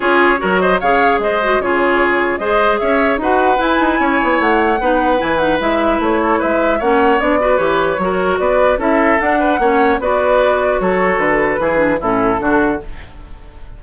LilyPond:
<<
  \new Staff \with { instrumentName = "flute" } { \time 4/4 \tempo 4 = 150 cis''4. dis''8 f''4 dis''4 | cis''2 dis''4 e''4 | fis''4 gis''2 fis''4~ | fis''4 gis''8 fis''8 e''4 cis''4 |
e''4 fis''4 d''4 cis''4~ | cis''4 d''4 e''4 fis''4~ | fis''4 d''2 cis''4 | b'2 a'2 | }
  \new Staff \with { instrumentName = "oboe" } { \time 4/4 gis'4 ais'8 c''8 cis''4 c''4 | gis'2 c''4 cis''4 | b'2 cis''2 | b'2.~ b'8 a'8 |
b'4 cis''4. b'4. | ais'4 b'4 a'4. b'8 | cis''4 b'2 a'4~ | a'4 gis'4 e'4 fis'4 | }
  \new Staff \with { instrumentName = "clarinet" } { \time 4/4 f'4 fis'4 gis'4. fis'8 | f'2 gis'2 | fis'4 e'2. | dis'4 e'8 dis'8 e'2~ |
e'4 cis'4 d'8 fis'8 g'4 | fis'2 e'4 d'4 | cis'4 fis'2.~ | fis'4 e'8 d'8 cis'4 d'4 | }
  \new Staff \with { instrumentName = "bassoon" } { \time 4/4 cis'4 fis4 cis4 gis4 | cis2 gis4 cis'4 | dis'4 e'8 dis'8 cis'8 b8 a4 | b4 e4 gis4 a4 |
gis4 ais4 b4 e4 | fis4 b4 cis'4 d'4 | ais4 b2 fis4 | d4 e4 a,4 d4 | }
>>